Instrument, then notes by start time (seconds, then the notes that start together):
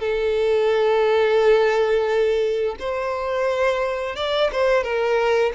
violin
0.00 A4
2.80 C5
4.16 D5
4.52 C5
4.83 A#4